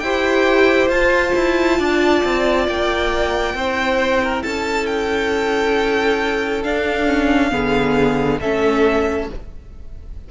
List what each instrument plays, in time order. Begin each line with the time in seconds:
0.00 cello E4, viola G4, violin C5 G5
0.89 cello F4, viola F4, violin A5
1.36 cello E4
1.79 cello D4, violin D5
2.25 cello C4
2.68 cello A#3, violin G5
3.55 cello C4, viola E4, violin C5
4.24 violin A#4
4.43 cello C#4, violin A4 A5
4.87 violin G5
6.64 viola D4, cello D4, violin F5
7.07 viola C#4
7.51 cello D3, viola B3, violin G#4
8.41 cello A3, viola C#4, violin A4 E5